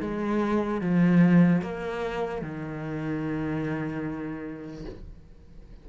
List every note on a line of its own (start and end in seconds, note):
0.00 0.80 G#3
0.80 1.61 F3
1.61 2.41 A#3
2.41 4.85 D#3